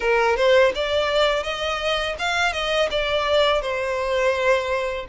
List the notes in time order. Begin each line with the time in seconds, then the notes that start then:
0.00 A#4
0.36 C5
0.75 D5
1.43 D#5
2.19 F5
2.52 D#5
2.90 D5
3.61 C5